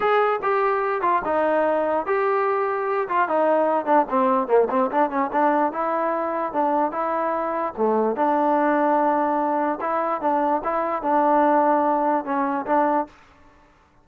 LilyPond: \new Staff \with { instrumentName = "trombone" } { \time 4/4 \tempo 4 = 147 gis'4 g'4. f'8 dis'4~ | dis'4 g'2~ g'8 f'8 | dis'4. d'8 c'4 ais8 c'8 | d'8 cis'8 d'4 e'2 |
d'4 e'2 a4 | d'1 | e'4 d'4 e'4 d'4~ | d'2 cis'4 d'4 | }